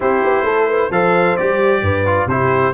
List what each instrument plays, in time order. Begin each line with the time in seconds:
0.00 tuba C4, trombone E4, horn G4, trumpet C5
0.23 tuba B3
0.43 tuba A3, horn A4
0.67 horn B4
0.90 tuba F3, trombone A4, horn C5, trumpet F5
1.37 tuba G3, trombone G4, trumpet D5
1.81 tuba G2, horn B4
2.05 trombone F4
2.26 tuba C3, trombone E4, horn G4, trumpet C5